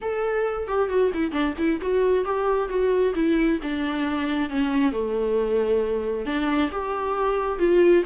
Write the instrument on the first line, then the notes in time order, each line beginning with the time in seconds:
viola
0.01 A4
0.67 G4
0.89 F#4
1.14 E4
1.31 D4
1.58 E4
1.81 F#4
2.24 G4
2.68 F#4
3.14 E4
3.62 D4
4.49 C#4
4.91 A3
6.25 D4
6.71 G4
7.58 F4